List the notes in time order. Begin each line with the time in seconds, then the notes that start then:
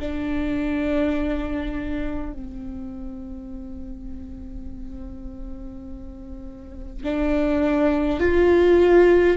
0.00 D4
2.33 C4
7.04 D4
8.20 F4